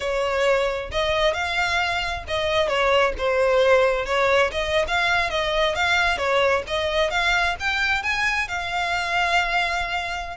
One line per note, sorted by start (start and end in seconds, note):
0.00 0.90 C#5
0.91 1.33 D#5
1.33 2.24 F5
2.27 2.67 D#5
2.67 3.13 C#5
3.18 4.05 C5
4.05 4.51 C#5
4.51 4.85 D#5
4.87 5.30 F5
5.30 5.75 D#5
5.75 6.17 F5
6.17 6.63 C#5
6.67 7.10 D#5
7.10 7.55 F5
7.59 8.03 G5
8.03 8.48 G#5
8.48 10.36 F5